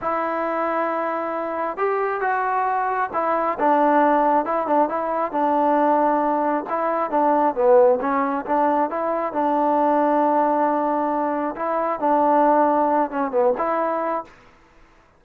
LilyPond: \new Staff \with { instrumentName = "trombone" } { \time 4/4 \tempo 4 = 135 e'1 | g'4 fis'2 e'4 | d'2 e'8 d'8 e'4 | d'2. e'4 |
d'4 b4 cis'4 d'4 | e'4 d'2.~ | d'2 e'4 d'4~ | d'4. cis'8 b8 e'4. | }